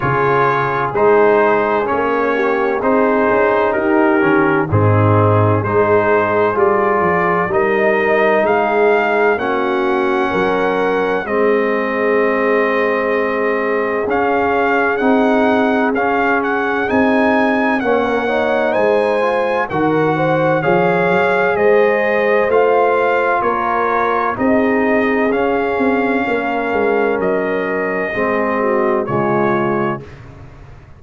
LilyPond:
<<
  \new Staff \with { instrumentName = "trumpet" } { \time 4/4 \tempo 4 = 64 cis''4 c''4 cis''4 c''4 | ais'4 gis'4 c''4 d''4 | dis''4 f''4 fis''2 | dis''2. f''4 |
fis''4 f''8 fis''8 gis''4 fis''4 | gis''4 fis''4 f''4 dis''4 | f''4 cis''4 dis''4 f''4~ | f''4 dis''2 cis''4 | }
  \new Staff \with { instrumentName = "horn" } { \time 4/4 gis'2~ gis'8 g'8 gis'4 | g'4 dis'4 gis'2 | ais'4 gis'4 fis'4 ais'4 | gis'1~ |
gis'2. cis''16 ais'16 cis''8 | c''4 ais'8 c''8 cis''4 c''4~ | c''4 ais'4 gis'2 | ais'2 gis'8 fis'8 f'4 | }
  \new Staff \with { instrumentName = "trombone" } { \time 4/4 f'4 dis'4 cis'4 dis'4~ | dis'8 cis'8 c'4 dis'4 f'4 | dis'2 cis'2 | c'2. cis'4 |
dis'4 cis'4 dis'4 cis'8 dis'8~ | dis'8 f'8 fis'4 gis'2 | f'2 dis'4 cis'4~ | cis'2 c'4 gis4 | }
  \new Staff \with { instrumentName = "tuba" } { \time 4/4 cis4 gis4 ais4 c'8 cis'8 | dis'8 dis8 gis,4 gis4 g8 f8 | g4 gis4 ais4 fis4 | gis2. cis'4 |
c'4 cis'4 c'4 ais4 | gis4 dis4 f8 fis8 gis4 | a4 ais4 c'4 cis'8 c'8 | ais8 gis8 fis4 gis4 cis4 | }
>>